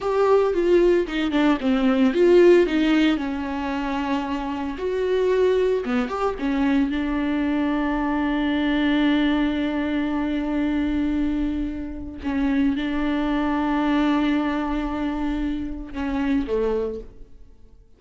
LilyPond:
\new Staff \with { instrumentName = "viola" } { \time 4/4 \tempo 4 = 113 g'4 f'4 dis'8 d'8 c'4 | f'4 dis'4 cis'2~ | cis'4 fis'2 b8 g'8 | cis'4 d'2.~ |
d'1~ | d'2. cis'4 | d'1~ | d'2 cis'4 a4 | }